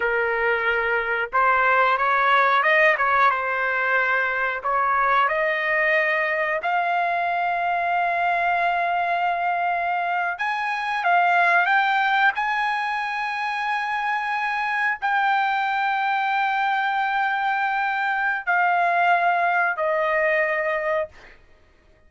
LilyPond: \new Staff \with { instrumentName = "trumpet" } { \time 4/4 \tempo 4 = 91 ais'2 c''4 cis''4 | dis''8 cis''8 c''2 cis''4 | dis''2 f''2~ | f''2.~ f''8. gis''16~ |
gis''8. f''4 g''4 gis''4~ gis''16~ | gis''2~ gis''8. g''4~ g''16~ | g''1 | f''2 dis''2 | }